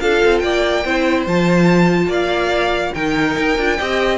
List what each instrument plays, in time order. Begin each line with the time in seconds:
0.00 cello D4, viola F4, violin A4 F5
0.24 cello C4
0.39 cello A#3, violin D5 G5
0.84 cello C4, viola E4, violin C5
1.26 cello F3, viola F4, violin A5
2.06 cello A#3, violin D5 F5
2.94 cello D#3, viola D#4, violin A#4 G5
3.38 cello D#4
3.57 cello D4, viola F4
3.78 cello C4, viola G4, violin D#5